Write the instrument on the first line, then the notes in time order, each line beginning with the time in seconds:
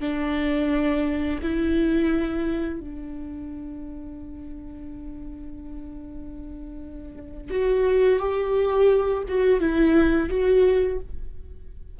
viola
0.00 D4
1.42 E4
2.80 D4
7.51 F#4
8.19 G4
9.28 F#4
9.60 E4
10.29 F#4